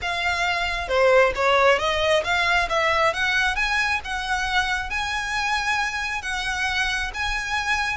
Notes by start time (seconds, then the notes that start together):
0.01 F5
0.88 C5
1.35 C#5
1.78 D#5
2.23 F5
2.69 E5
3.13 F#5
3.55 G#5
4.04 F#5
4.89 G#5
6.22 F#5
7.14 G#5